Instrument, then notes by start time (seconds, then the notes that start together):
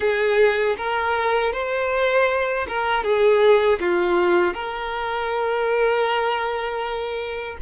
violin
0.00 G#4
0.77 A#4
1.52 C5
2.68 A#4
3.03 G#4
3.80 F4
4.54 A#4